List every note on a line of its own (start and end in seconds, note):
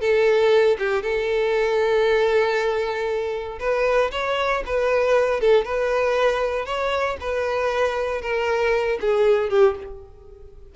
0.00 0.77 A4
0.79 1.02 G4
1.02 3.59 A4
3.59 4.10 B4
4.11 4.63 C#5
4.65 5.40 B4
5.40 5.64 A4
5.64 6.65 B4
6.65 7.17 C#5
7.20 8.21 B4
8.21 8.98 A#4
9.00 9.49 G#4
9.49 9.75 G4